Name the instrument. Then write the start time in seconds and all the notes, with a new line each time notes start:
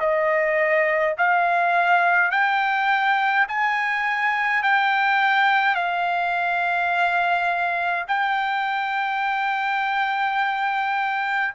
trumpet
0.00 D#5
1.18 F5
2.31 G5
3.49 G#5
4.63 G5
5.75 F5
8.08 G5